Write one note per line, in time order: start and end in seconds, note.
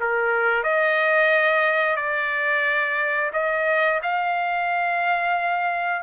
0.00 0.63 A#4
0.63 1.96 D#5
1.96 3.31 D5
3.33 4.01 D#5
4.03 6.02 F5